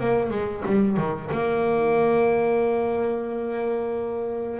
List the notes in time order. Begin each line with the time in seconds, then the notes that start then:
0.00 A#3
0.30 G#3
0.66 G3
0.97 D#3
1.32 A#3